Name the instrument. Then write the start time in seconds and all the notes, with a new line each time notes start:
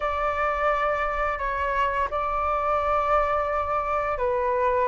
flute
0.00 D5
1.38 C#5
2.10 D5
4.18 B4